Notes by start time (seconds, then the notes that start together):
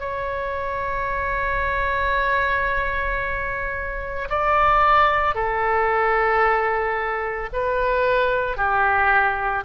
0.00 C#5
4.30 D5
5.35 A4
7.53 B4
8.57 G4